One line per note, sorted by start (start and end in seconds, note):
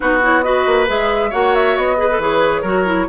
0.00 0.66 B3
0.00 0.20 D#4
0.00 0.44 F#4
0.00 0.21 B4
0.22 0.43 E4
0.22 0.42 C#5
0.42 0.86 F#4
0.42 1.30 B4
0.42 0.86 D#5
0.66 0.88 A#3
0.86 1.32 G#3
0.86 1.30 G#4
0.86 1.32 E5
1.30 1.77 A#3
1.30 1.96 F#4
1.30 1.96 C#5
1.30 1.54 F#5
1.54 1.76 E5
1.76 2.18 B3
1.76 2.20 D#5
1.96 2.07 G#4
1.96 2.61 B4
2.10 2.21 A4
2.18 2.62 E3
2.18 2.64 G#4
2.18 3.09 C#5
2.61 3.07 F#3
2.61 2.85 F#4
2.61 3.05 A#4
2.85 3.07 E4